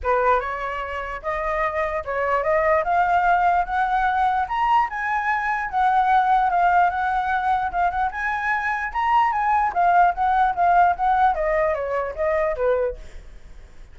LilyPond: \new Staff \with { instrumentName = "flute" } { \time 4/4 \tempo 4 = 148 b'4 cis''2 dis''4~ | dis''4 cis''4 dis''4 f''4~ | f''4 fis''2 ais''4 | gis''2 fis''2 |
f''4 fis''2 f''8 fis''8 | gis''2 ais''4 gis''4 | f''4 fis''4 f''4 fis''4 | dis''4 cis''4 dis''4 b'4 | }